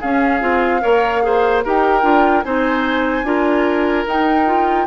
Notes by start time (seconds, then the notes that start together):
0.00 C#4 G#4 F5
0.40 C4 F4
0.80 A#3 A#4 C#5
1.22 G#4 C5
1.64 D#4 G4 A#4 G5
2.02 D4 F4
2.43 C4 D#4 C5 G#5
3.23 D4 F4 A#4
4.07 D#4 G5
4.46 F4